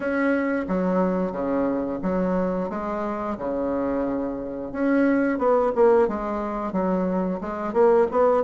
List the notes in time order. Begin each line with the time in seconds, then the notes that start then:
0.00 C#4
0.67 F#3
1.31 C#3
2.02 F#3
2.69 G#3
3.37 C#3
4.72 C#4
5.38 B3
5.75 A#3
6.07 G#3
6.72 F#3
7.41 G#3
7.73 A#3
8.11 B3